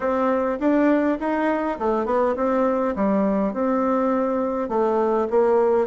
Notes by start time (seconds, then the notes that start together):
0.00 C4
0.59 D4
1.19 D#4
1.79 A3
2.05 B3
2.36 C4
2.95 G3
3.53 C4
4.68 A3
5.30 A#3